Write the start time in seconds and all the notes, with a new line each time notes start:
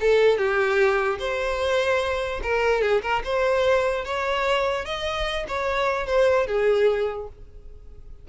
0.00 A4
0.37 G4
1.19 C5
2.43 A#4
2.81 G#4
3.02 A#4
3.24 C5
4.04 C#5
4.85 D#5
5.48 C#5
6.06 C5
6.47 G#4